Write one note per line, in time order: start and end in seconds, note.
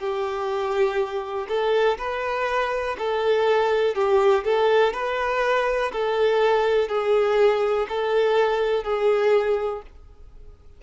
0.00 1.48 G4
1.48 1.98 A4
1.98 2.96 B4
2.98 3.95 A4
3.95 4.44 G4
4.45 4.93 A4
4.93 5.92 B4
5.93 6.89 A4
6.89 7.87 G#4
7.89 8.83 A4
8.83 9.82 G#4